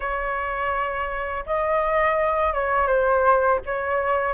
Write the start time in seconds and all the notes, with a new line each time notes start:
0.00 C#5
1.46 D#5
2.53 C#5
2.87 C5
3.65 C#5